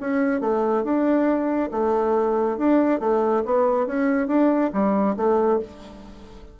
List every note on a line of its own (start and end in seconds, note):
0.00 0.40 C#4
0.40 0.83 A3
0.83 1.70 D4
1.71 2.57 A3
2.57 3.00 D4
3.00 3.43 A3
3.45 3.86 B3
3.86 4.27 C#4
4.27 4.71 D4
4.72 5.16 G3
5.16 5.59 A3